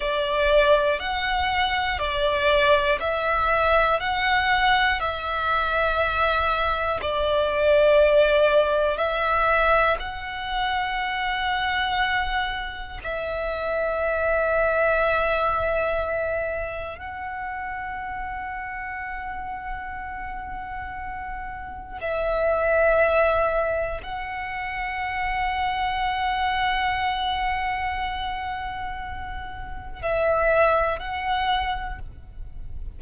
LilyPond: \new Staff \with { instrumentName = "violin" } { \time 4/4 \tempo 4 = 60 d''4 fis''4 d''4 e''4 | fis''4 e''2 d''4~ | d''4 e''4 fis''2~ | fis''4 e''2.~ |
e''4 fis''2.~ | fis''2 e''2 | fis''1~ | fis''2 e''4 fis''4 | }